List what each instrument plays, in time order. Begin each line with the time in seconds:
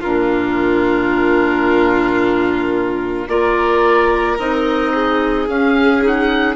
0.00 bassoon A#2, clarinet D4, violin F4, oboe A#4
3.28 bassoon A#3, clarinet F4, violin A#4, oboe D5
4.38 bassoon C4, clarinet D#4, oboe D#5
4.93 violin G#4
5.48 bassoon C#4, clarinet C#4, oboe F5
6.01 clarinet D#4, oboe F#5